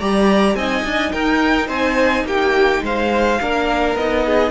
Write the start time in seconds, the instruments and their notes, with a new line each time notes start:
0.00 cello G3, viola G4, violin D5 A#5
0.55 cello C4, viola D#4, violin D#5 G#5
0.85 cello D4
1.12 cello D#4, violin A#4 G5
1.67 cello C4, violin C5 G#5
2.25 cello A#3, violin G4 G5
2.83 cello G#3, violin C5 F5
3.41 cello A#3, viola D4, violin A#4
3.96 cello B3, viola D#4, violin D#5
4.26 violin G#4